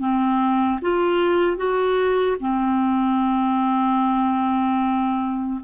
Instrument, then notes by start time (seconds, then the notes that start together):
clarinet
0.00 C4
0.82 F4
1.57 F#4
2.40 C4